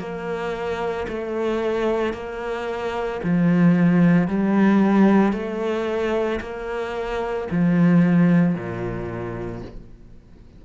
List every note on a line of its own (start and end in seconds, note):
0.00 1.07 A#3
1.09 2.14 A3
2.14 3.21 A#3
3.24 4.28 F3
4.28 5.33 G3
5.33 6.40 A3
6.41 7.48 A#3
7.51 8.55 F3
8.55 9.62 A#2